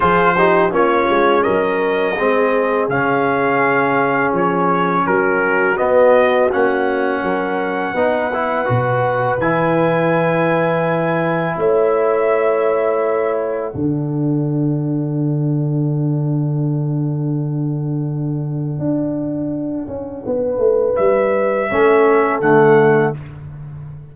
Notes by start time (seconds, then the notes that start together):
0.00 F3 F4 G#4 C5
0.37 D#4 G4
0.70 A#3 C#4 F4 C#5
1.09 G#3
1.42 F#3 A#4 D#5
2.14 G#3 C4 G#4
2.88 C#3 C#4 F5
4.32 F3 C#5
5.06 F#3 F#4 A#4
5.77 B3 D#5
6.52 A#3 C#4 F#5
7.22 F#3 A#4
7.93 B3 D#4 B4
8.33 E4
8.65 B2 F#4
9.38 E3 E4 G#5
11.57 A3 C#5 E5
13.39 F#5
13.73 D3 D4 A4
18.78 D4
19.87 C#4
20.26 B3 B4
20.58 A3
20.95 G3 E5
21.70 A3 C#4 A4
22.40 D3 A3 F#5